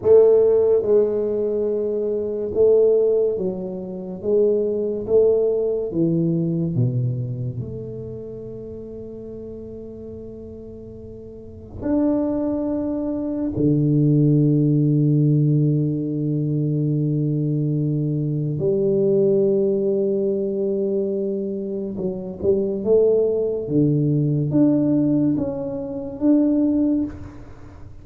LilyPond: \new Staff \with { instrumentName = "tuba" } { \time 4/4 \tempo 4 = 71 a4 gis2 a4 | fis4 gis4 a4 e4 | b,4 a2.~ | a2 d'2 |
d1~ | d2 g2~ | g2 fis8 g8 a4 | d4 d'4 cis'4 d'4 | }